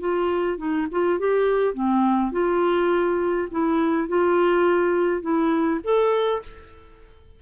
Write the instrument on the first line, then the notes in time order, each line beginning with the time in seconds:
clarinet
0.00 F4
0.58 D#4
0.91 F4
1.19 G4
1.74 C4
2.32 F4
3.51 E4
4.08 F4
5.22 E4
5.84 A4